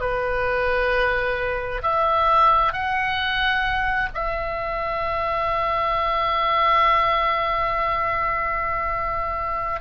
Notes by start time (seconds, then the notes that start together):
0.00 B4
1.82 E5
2.73 F#5
4.14 E5